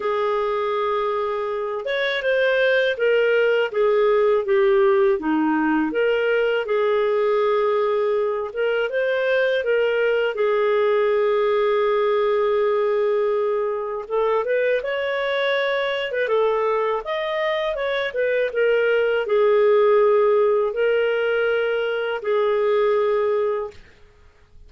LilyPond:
\new Staff \with { instrumentName = "clarinet" } { \time 4/4 \tempo 4 = 81 gis'2~ gis'8 cis''8 c''4 | ais'4 gis'4 g'4 dis'4 | ais'4 gis'2~ gis'8 ais'8 | c''4 ais'4 gis'2~ |
gis'2. a'8 b'8 | cis''4.~ cis''16 b'16 a'4 dis''4 | cis''8 b'8 ais'4 gis'2 | ais'2 gis'2 | }